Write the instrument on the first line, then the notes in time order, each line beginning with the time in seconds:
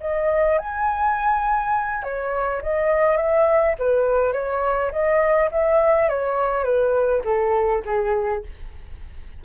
flute
0.00 D#5
0.58 G#5
2.03 C#5
2.62 D#5
3.17 E5
3.78 B4
4.33 C#5
4.91 D#5
5.51 E5
6.09 C#5
6.64 B4
7.24 A4
7.85 G#4